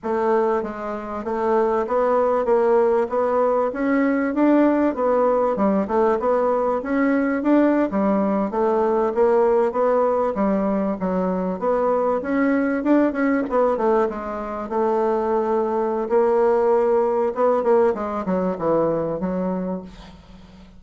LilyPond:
\new Staff \with { instrumentName = "bassoon" } { \time 4/4 \tempo 4 = 97 a4 gis4 a4 b4 | ais4 b4 cis'4 d'4 | b4 g8 a8 b4 cis'4 | d'8. g4 a4 ais4 b16~ |
b8. g4 fis4 b4 cis'16~ | cis'8. d'8 cis'8 b8 a8 gis4 a16~ | a2 ais2 | b8 ais8 gis8 fis8 e4 fis4 | }